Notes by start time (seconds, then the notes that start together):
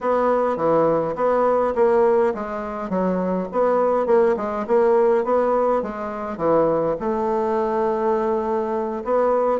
0.00 B3
0.57 E3
1.15 B3
1.75 A#3
2.34 G#3
2.89 F#3
3.51 B3
4.06 A#3
4.37 G#3
4.67 A#3
5.24 B3
5.82 G#3
6.37 E3
7.00 A3
9.04 B3